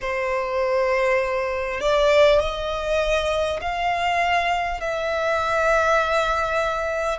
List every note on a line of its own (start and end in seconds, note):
0.01 1.80 C5
1.80 2.39 D5
2.39 3.59 D#5
3.61 4.80 F5
4.80 7.18 E5